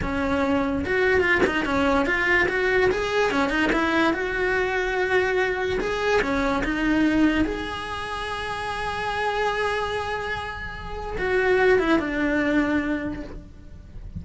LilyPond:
\new Staff \with { instrumentName = "cello" } { \time 4/4 \tempo 4 = 145 cis'2 fis'4 f'8 dis'8 | cis'4 f'4 fis'4 gis'4 | cis'8 dis'8 e'4 fis'2~ | fis'2 gis'4 cis'4 |
dis'2 gis'2~ | gis'1~ | gis'2. fis'4~ | fis'8 e'8 d'2. | }